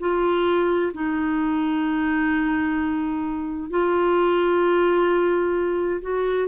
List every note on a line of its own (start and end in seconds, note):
0.00 0.92 F4
0.94 3.70 D#4
3.70 6.01 F4
6.01 6.47 F#4